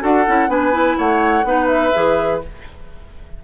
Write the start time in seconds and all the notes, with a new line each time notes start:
0.00 D4 F#4 A4 F#5
0.27 C#4 E4
0.48 B3 D4 B4 G#5
0.72 E4
0.98 A3 C#5 F#5
1.44 B3 D#4 B4
1.67 E5
1.93 E3 G#4